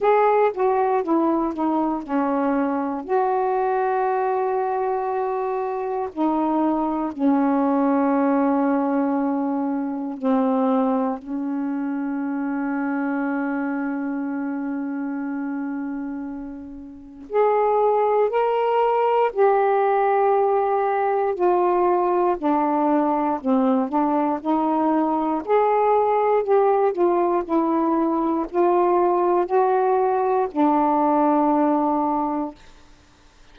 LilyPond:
\new Staff \with { instrumentName = "saxophone" } { \time 4/4 \tempo 4 = 59 gis'8 fis'8 e'8 dis'8 cis'4 fis'4~ | fis'2 dis'4 cis'4~ | cis'2 c'4 cis'4~ | cis'1~ |
cis'4 gis'4 ais'4 g'4~ | g'4 f'4 d'4 c'8 d'8 | dis'4 gis'4 g'8 f'8 e'4 | f'4 fis'4 d'2 | }